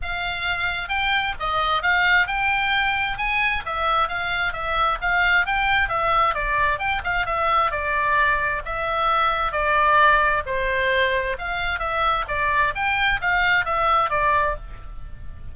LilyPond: \new Staff \with { instrumentName = "oboe" } { \time 4/4 \tempo 4 = 132 f''2 g''4 dis''4 | f''4 g''2 gis''4 | e''4 f''4 e''4 f''4 | g''4 e''4 d''4 g''8 f''8 |
e''4 d''2 e''4~ | e''4 d''2 c''4~ | c''4 f''4 e''4 d''4 | g''4 f''4 e''4 d''4 | }